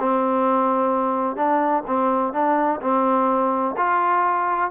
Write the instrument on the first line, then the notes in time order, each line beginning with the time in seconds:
trombone
0.00 C4
1.36 D4
1.87 C4
2.33 D4
2.81 C4
3.77 F4